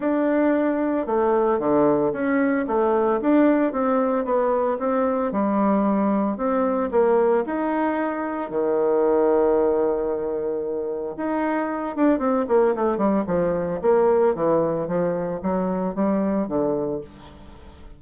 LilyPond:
\new Staff \with { instrumentName = "bassoon" } { \time 4/4 \tempo 4 = 113 d'2 a4 d4 | cis'4 a4 d'4 c'4 | b4 c'4 g2 | c'4 ais4 dis'2 |
dis1~ | dis4 dis'4. d'8 c'8 ais8 | a8 g8 f4 ais4 e4 | f4 fis4 g4 d4 | }